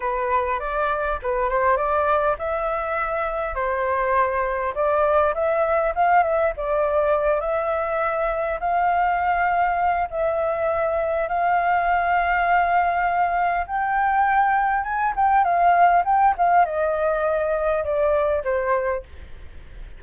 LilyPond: \new Staff \with { instrumentName = "flute" } { \time 4/4 \tempo 4 = 101 b'4 d''4 b'8 c''8 d''4 | e''2 c''2 | d''4 e''4 f''8 e''8 d''4~ | d''8 e''2 f''4.~ |
f''4 e''2 f''4~ | f''2. g''4~ | g''4 gis''8 g''8 f''4 g''8 f''8 | dis''2 d''4 c''4 | }